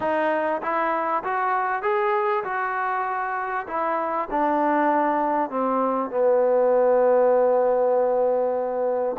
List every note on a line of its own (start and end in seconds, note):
0.00 0.61 D#4
0.62 1.23 E4
1.23 1.82 F#4
1.82 2.43 G#4
2.44 3.66 F#4
3.67 4.28 E4
4.31 5.50 D4
5.50 6.10 C4
6.10 9.16 B3